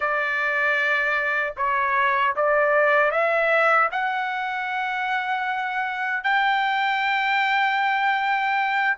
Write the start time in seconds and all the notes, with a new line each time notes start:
0.00 D5
1.56 C#5
2.36 D5
3.11 E5
3.91 F#5
6.23 G5